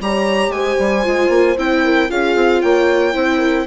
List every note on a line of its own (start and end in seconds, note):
0.00 0.49 G3
0.00 1.04 G4
0.00 0.54 C#5
0.00 0.52 A#5
0.49 0.75 G#3
0.49 1.57 G#5
0.55 1.84 C5
0.79 1.05 G3
1.04 1.29 G#3
1.04 1.56 F4
1.29 1.55 A#3
1.57 2.10 C4
1.57 2.09 E4
1.57 2.11 G5
1.84 2.10 A#4
2.09 2.35 C#4
2.09 3.13 F4
2.09 2.61 G#4
2.09 2.62 F5
2.35 2.62 C4
2.61 3.15 A#3
2.61 3.14 C#5
2.61 3.67 G5
3.13 3.67 C4
3.13 3.66 E4
3.13 3.38 C5
3.38 3.65 A#4